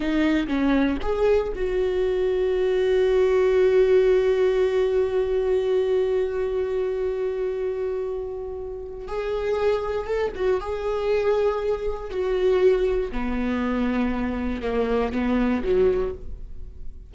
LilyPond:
\new Staff \with { instrumentName = "viola" } { \time 4/4 \tempo 4 = 119 dis'4 cis'4 gis'4 fis'4~ | fis'1~ | fis'1~ | fis'1~ |
fis'2 gis'2 | a'8 fis'8 gis'2. | fis'2 b2~ | b4 ais4 b4 fis4 | }